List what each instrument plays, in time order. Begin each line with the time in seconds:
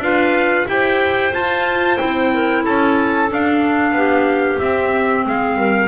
0.00 double bass D4, clarinet F4 B4, trumpet F5
0.68 double bass E4, clarinet G4 C5, trumpet G5
1.33 clarinet F4, double bass F4, trumpet A5
1.98 double bass C4, clarinet E4, trumpet G5
2.35 clarinet A#4
2.64 double bass C#4, clarinet A4, trumpet A5
3.29 clarinet D4, double bass D4, trumpet F5
3.92 double bass B3, clarinet G4
4.60 clarinet C4, double bass C4, trumpet E5
5.26 double bass G#3, clarinet G#4, trumpet F5
5.57 double bass G3, clarinet A#4